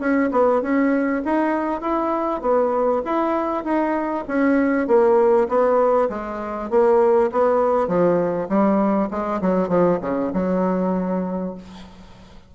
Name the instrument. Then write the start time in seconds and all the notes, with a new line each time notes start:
bassoon
0.00 C#4
0.32 B3
0.62 C#4
1.25 D#4
1.81 E4
2.42 B3
3.05 E4
3.64 D#4
4.28 C#4
4.87 A#3
5.48 B3
6.10 G#3
6.70 A#3
7.32 B3
7.88 F3
8.49 G3
9.11 G#3
9.42 F#3
9.69 F3
10.02 C#3
10.34 F#3